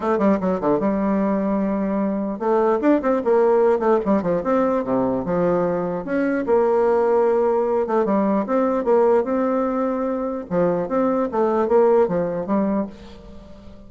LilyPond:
\new Staff \with { instrumentName = "bassoon" } { \time 4/4 \tempo 4 = 149 a8 g8 fis8 d8 g2~ | g2 a4 d'8 c'8 | ais4. a8 g8 f8 c'4 | c4 f2 cis'4 |
ais2.~ ais8 a8 | g4 c'4 ais4 c'4~ | c'2 f4 c'4 | a4 ais4 f4 g4 | }